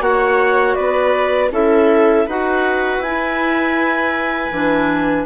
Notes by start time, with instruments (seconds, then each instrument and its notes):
0.00 bassoon A#3, clarinet F#4 F#5, viola C#5
0.75 bassoon B3, viola B4, clarinet D5
1.51 bassoon C#4, clarinet E4 E5, viola A4
2.27 bassoon D#4, clarinet F#4 F#5, viola B4
2.99 bassoon E4, clarinet G#5
3.06 clarinet E4
4.52 bassoon E3, clarinet D4